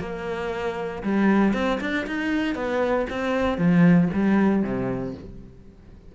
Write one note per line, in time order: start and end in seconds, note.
0.00 1.03 A#3
1.03 1.53 G3
1.53 1.79 C4
1.80 2.06 D4
2.07 2.55 D#4
2.55 3.06 B3
3.10 3.58 C4
3.58 4.09 F3
4.14 4.63 G3
4.63 5.14 C3